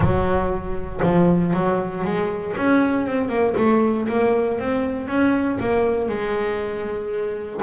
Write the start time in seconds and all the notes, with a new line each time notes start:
0.00 F#3
1.02 F3
1.53 F#3
2.04 G#3
2.57 C#4
3.06 C4
3.28 A#3
3.56 A3
4.08 A#3
4.59 C4
5.07 C#4
5.59 A#3
6.08 G#3